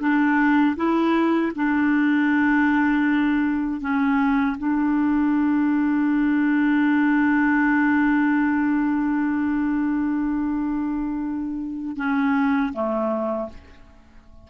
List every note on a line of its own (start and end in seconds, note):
0.00 0.76 D4
0.76 1.52 E4
1.55 3.81 D4
3.81 4.57 C#4
4.58 11.97 D4
11.97 12.72 C#4
12.73 13.49 A3